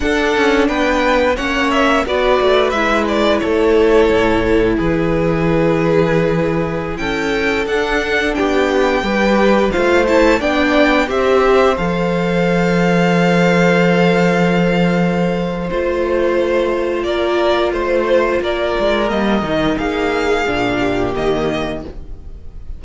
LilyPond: <<
  \new Staff \with { instrumentName = "violin" } { \time 4/4 \tempo 4 = 88 fis''4 g''4 fis''8 e''8 d''4 | e''8 d''8 cis''2 b'4~ | b'2~ b'16 g''4 fis''8.~ | fis''16 g''2 f''8 a''8 g''8.~ |
g''16 e''4 f''2~ f''8.~ | f''2. c''4~ | c''4 d''4 c''4 d''4 | dis''4 f''2 dis''4 | }
  \new Staff \with { instrumentName = "violin" } { \time 4/4 a'4 b'4 cis''4 b'4~ | b'4 a'2 gis'4~ | gis'2~ gis'16 a'4.~ a'16~ | a'16 g'4 b'4 c''4 d''8.~ |
d''16 c''2.~ c''8.~ | c''1~ | c''4 ais'4 c''4 ais'4~ | ais'4 gis'4. g'4. | }
  \new Staff \with { instrumentName = "viola" } { \time 4/4 d'2 cis'4 fis'4 | e'1~ | e'2.~ e'16 d'8.~ | d'4~ d'16 g'4 f'8 e'8 d'8.~ |
d'16 g'4 a'2~ a'8.~ | a'2. f'4~ | f'1 | ais8 dis'4. d'4 ais4 | }
  \new Staff \with { instrumentName = "cello" } { \time 4/4 d'8 cis'8 b4 ais4 b8 a8 | gis4 a4 a,4 e4~ | e2~ e16 cis'4 d'8.~ | d'16 b4 g4 a4 b8.~ |
b16 c'4 f2~ f8.~ | f2. a4~ | a4 ais4 a4 ais8 gis8 | g8 dis8 ais4 ais,4 dis4 | }
>>